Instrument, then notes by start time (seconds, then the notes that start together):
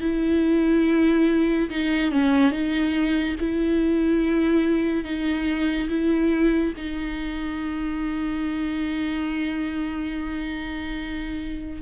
viola
0.00 E4
1.69 D#4
2.11 C#4
2.51 D#4
3.40 E4
5.04 D#4
5.89 E4
6.76 D#4